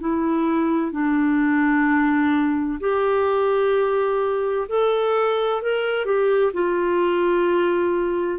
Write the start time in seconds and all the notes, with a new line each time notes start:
0.00 E4
0.92 D4
2.80 G4
4.68 A4
5.62 A#4
6.05 G4
6.53 F4